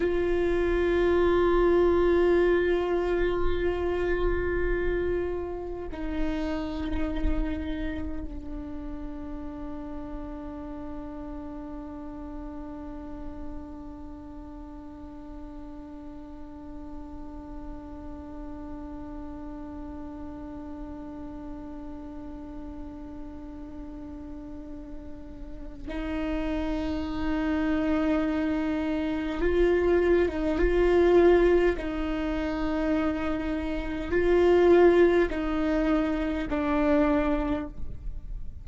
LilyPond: \new Staff \with { instrumentName = "viola" } { \time 4/4 \tempo 4 = 51 f'1~ | f'4 dis'2 d'4~ | d'1~ | d'1~ |
d'1~ | d'2 dis'2~ | dis'4 f'8. dis'16 f'4 dis'4~ | dis'4 f'4 dis'4 d'4 | }